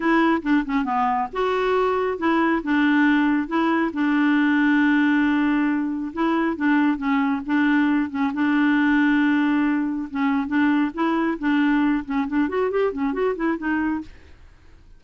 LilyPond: \new Staff \with { instrumentName = "clarinet" } { \time 4/4 \tempo 4 = 137 e'4 d'8 cis'8 b4 fis'4~ | fis'4 e'4 d'2 | e'4 d'2.~ | d'2 e'4 d'4 |
cis'4 d'4. cis'8 d'4~ | d'2. cis'4 | d'4 e'4 d'4. cis'8 | d'8 fis'8 g'8 cis'8 fis'8 e'8 dis'4 | }